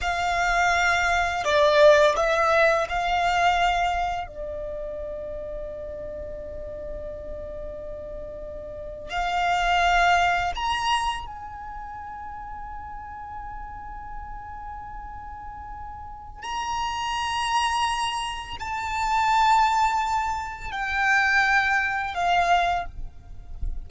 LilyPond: \new Staff \with { instrumentName = "violin" } { \time 4/4 \tempo 4 = 84 f''2 d''4 e''4 | f''2 d''2~ | d''1~ | d''8. f''2 ais''4 gis''16~ |
gis''1~ | gis''2. ais''4~ | ais''2 a''2~ | a''4 g''2 f''4 | }